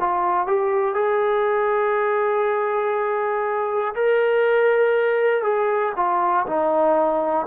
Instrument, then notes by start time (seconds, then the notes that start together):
trombone
0.00 F4
0.47 G4
0.95 G#4
3.95 A#4
5.43 G#4
5.97 F4
6.47 D#4